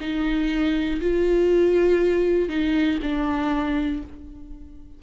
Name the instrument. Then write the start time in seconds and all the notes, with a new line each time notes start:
viola
0.00 D#4
1.00 F4
2.49 D#4
3.02 D4